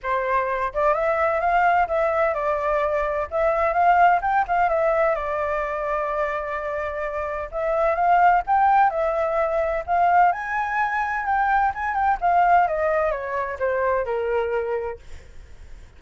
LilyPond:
\new Staff \with { instrumentName = "flute" } { \time 4/4 \tempo 4 = 128 c''4. d''8 e''4 f''4 | e''4 d''2 e''4 | f''4 g''8 f''8 e''4 d''4~ | d''1 |
e''4 f''4 g''4 e''4~ | e''4 f''4 gis''2 | g''4 gis''8 g''8 f''4 dis''4 | cis''4 c''4 ais'2 | }